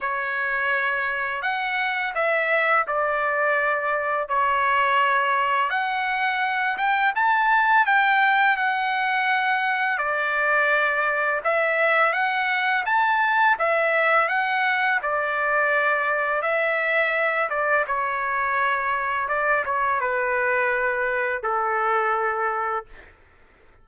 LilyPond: \new Staff \with { instrumentName = "trumpet" } { \time 4/4 \tempo 4 = 84 cis''2 fis''4 e''4 | d''2 cis''2 | fis''4. g''8 a''4 g''4 | fis''2 d''2 |
e''4 fis''4 a''4 e''4 | fis''4 d''2 e''4~ | e''8 d''8 cis''2 d''8 cis''8 | b'2 a'2 | }